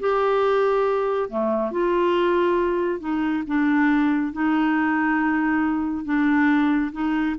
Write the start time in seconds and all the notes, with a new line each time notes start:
0.00 G4
1.30 A3
1.72 F4
3.00 D#4
3.47 D4
4.33 D#4
6.05 D4
6.92 D#4